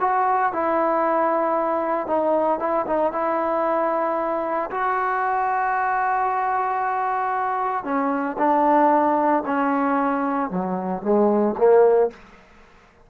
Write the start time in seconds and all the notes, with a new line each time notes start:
0.00 F#4
0.52 E4
2.07 D#4
2.59 E4
2.86 D#4
3.12 E4
4.70 F#4
7.84 C#4
8.38 D4
9.45 C#4
10.50 F#3
11.02 G#3
11.57 A#3